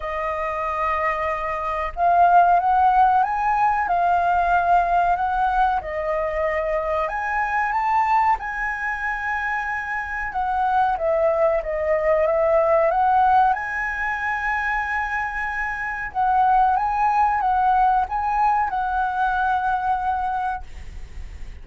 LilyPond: \new Staff \with { instrumentName = "flute" } { \time 4/4 \tempo 4 = 93 dis''2. f''4 | fis''4 gis''4 f''2 | fis''4 dis''2 gis''4 | a''4 gis''2. |
fis''4 e''4 dis''4 e''4 | fis''4 gis''2.~ | gis''4 fis''4 gis''4 fis''4 | gis''4 fis''2. | }